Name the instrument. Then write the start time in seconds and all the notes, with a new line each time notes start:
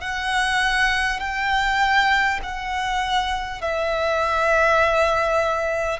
violin
0.00 F#5
1.19 G5
2.43 F#5
3.61 E5